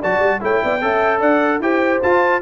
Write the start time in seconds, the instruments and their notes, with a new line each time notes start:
0.00 tuba F#3, trombone F#4, horn D5, trumpet A5
0.19 tuba G3
0.40 tuba A3, trombone E4, horn C#5, trumpet G5
0.63 tuba B3, horn D5
0.81 tuba C#4, trombone A4, horn E5
1.20 tuba D4, horn D5, trumpet F#5
1.60 tuba E4, trombone G4, horn C5, trumpet G5
2.02 trombone F4, tuba F4, trumpet A5